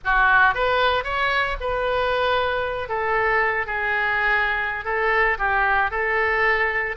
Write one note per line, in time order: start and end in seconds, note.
0.04 0.54 F#4
0.54 1.04 B4
1.04 1.56 C#5
1.60 2.88 B4
2.88 3.66 A4
3.66 4.84 G#4
4.84 5.37 A4
5.38 5.90 G4
5.90 6.95 A4